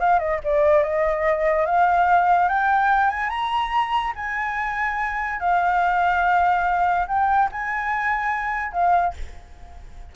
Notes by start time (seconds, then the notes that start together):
0.00 F5
0.19 D#5
0.44 D5
0.83 D#5
1.66 F5
2.49 G5
3.10 G#5
3.30 A#5
4.16 G#5
5.40 F5
7.08 G5
7.52 G#5
8.72 F5